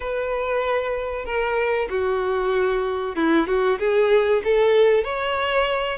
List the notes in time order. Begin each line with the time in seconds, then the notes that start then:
0.00 B4
1.25 A#4
1.89 F#4
3.16 E4
3.47 F#4
3.79 G#4
4.44 A4
5.04 C#5